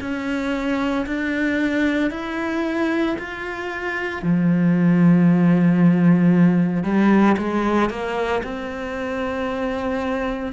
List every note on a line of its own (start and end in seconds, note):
0.00 1.05 C#4
1.06 2.11 D4
2.11 3.16 E4
3.18 4.22 F4
4.22 6.83 F3
6.83 7.36 G3
7.37 7.89 G#3
7.89 8.42 A#3
8.43 10.52 C4